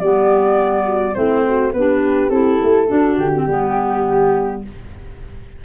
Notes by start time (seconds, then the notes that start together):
0.00 G3 B3 G4 D5
0.86 F#4
1.15 A3 C4 E4 C5
1.47 F#4
1.73 B3 D4 G4 B4
2.30 C4 E4 A4
2.63 A3
2.88 D4 F#4
3.18 D3 G4
3.34 C4
3.46 G3 B3 G4